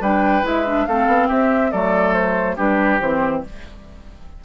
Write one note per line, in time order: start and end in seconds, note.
0.00 0.43 G3
0.00 0.43 D4
0.00 0.87 B4
0.00 0.45 G5
0.43 0.86 G#3
0.43 0.64 E4
0.43 0.85 E5
0.66 0.87 D4
0.85 1.07 A3
0.85 1.72 C4
0.85 1.27 A4
0.85 1.28 F5
1.07 1.28 B3
1.27 1.72 C4
1.27 1.70 G4
1.27 1.71 E5
1.71 2.57 F#3
1.71 2.57 A3
1.71 2.56 A4
1.71 2.13 D5
2.13 2.56 C5
2.56 3.00 G3
2.56 2.99 D4
2.56 3.41 G4
2.56 3.00 B4
3.00 3.42 E3
3.00 3.44 C4
3.00 3.43 C5